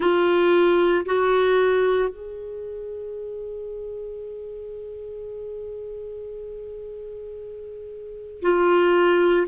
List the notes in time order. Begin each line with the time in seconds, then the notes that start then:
0.00 F4
1.05 F#4
2.09 G#4
8.41 F4